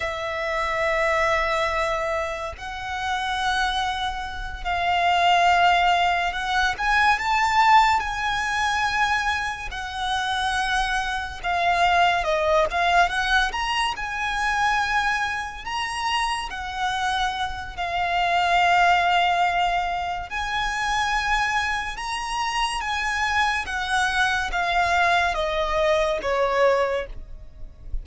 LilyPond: \new Staff \with { instrumentName = "violin" } { \time 4/4 \tempo 4 = 71 e''2. fis''4~ | fis''4. f''2 fis''8 | gis''8 a''4 gis''2 fis''8~ | fis''4. f''4 dis''8 f''8 fis''8 |
ais''8 gis''2 ais''4 fis''8~ | fis''4 f''2. | gis''2 ais''4 gis''4 | fis''4 f''4 dis''4 cis''4 | }